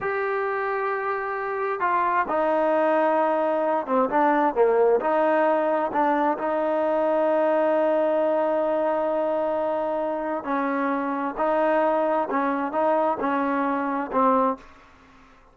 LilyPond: \new Staff \with { instrumentName = "trombone" } { \time 4/4 \tempo 4 = 132 g'1 | f'4 dis'2.~ | dis'8 c'8 d'4 ais4 dis'4~ | dis'4 d'4 dis'2~ |
dis'1~ | dis'2. cis'4~ | cis'4 dis'2 cis'4 | dis'4 cis'2 c'4 | }